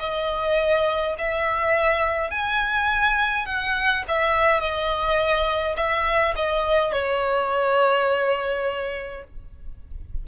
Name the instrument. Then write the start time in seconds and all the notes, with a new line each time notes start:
violin
0.00 D#5
1.18 E5
2.31 G#5
3.46 F#5
4.08 E5
4.60 D#5
5.76 E5
6.36 D#5
6.93 C#5